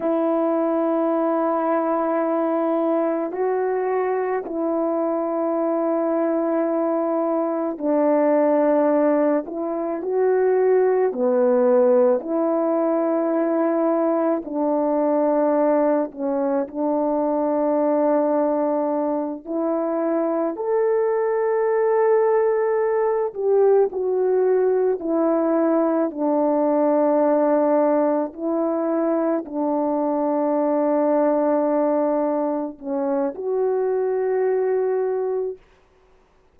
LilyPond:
\new Staff \with { instrumentName = "horn" } { \time 4/4 \tempo 4 = 54 e'2. fis'4 | e'2. d'4~ | d'8 e'8 fis'4 b4 e'4~ | e'4 d'4. cis'8 d'4~ |
d'4. e'4 a'4.~ | a'4 g'8 fis'4 e'4 d'8~ | d'4. e'4 d'4.~ | d'4. cis'8 fis'2 | }